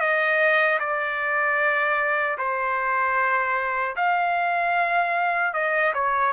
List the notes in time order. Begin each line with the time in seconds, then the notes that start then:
0.00 D#5
0.80 D5
2.38 C5
3.97 F5
5.54 D#5
5.94 C#5